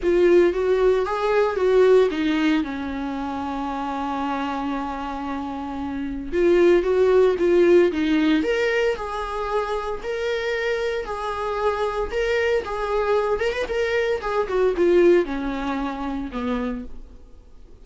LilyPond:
\new Staff \with { instrumentName = "viola" } { \time 4/4 \tempo 4 = 114 f'4 fis'4 gis'4 fis'4 | dis'4 cis'2.~ | cis'1 | f'4 fis'4 f'4 dis'4 |
ais'4 gis'2 ais'4~ | ais'4 gis'2 ais'4 | gis'4. ais'16 b'16 ais'4 gis'8 fis'8 | f'4 cis'2 b4 | }